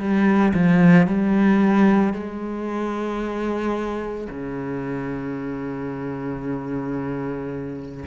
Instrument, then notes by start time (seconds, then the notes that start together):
cello
0.00 G3
0.55 F3
1.08 G3
2.14 G#3
4.30 C#3